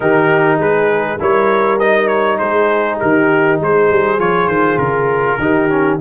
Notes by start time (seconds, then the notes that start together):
0.00 D#3 D#4 G4 A#4
0.58 G#3 G#4 B4
1.20 G3 E4 A#4 C#5
1.79 D#4 D#5
2.07 C#5
2.38 G#3 G#4 C5
3.00 D#3 G4 A#4
3.60 G#3 G#4 C5
3.89 G3
4.19 F3 F4 C#5
4.47 D#3 C5
4.78 C#3 A#4
5.38 D#3 D#4 G4
5.69 C#4